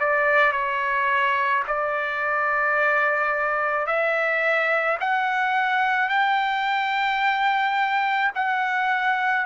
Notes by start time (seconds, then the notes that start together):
0.00 D5
0.53 C#5
1.68 D5
3.87 E5
5.01 F#5
6.10 G5
8.35 F#5